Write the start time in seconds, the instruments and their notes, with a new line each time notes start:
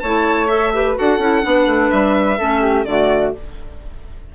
0.00 bassoon A3, clarinet E4, flute C#5, violin A5
0.48 clarinet A4, violin E5
0.74 clarinet G4, flute B4
0.96 bassoon D4, clarinet F#4, flute A4, violin F#5
1.18 bassoon C#4, clarinet E4
1.42 bassoon B3, clarinet D4, flute B4
1.67 bassoon A3
1.91 bassoon G3, violin E5
2.38 bassoon A3, clarinet C#4, flute A4
2.62 flute G4
2.85 bassoon D3, clarinet A3, flute F#4, violin D5